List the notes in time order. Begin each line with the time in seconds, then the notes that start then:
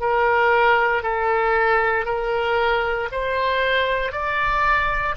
0.00 A#4
1.03 A4
2.05 A#4
3.12 C5
4.12 D5